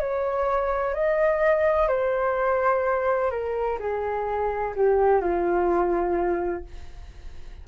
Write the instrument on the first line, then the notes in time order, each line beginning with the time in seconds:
flute
0.00 C#5
0.94 D#5
1.88 C5
3.30 A#4
3.79 G#4
4.75 G4
5.21 F4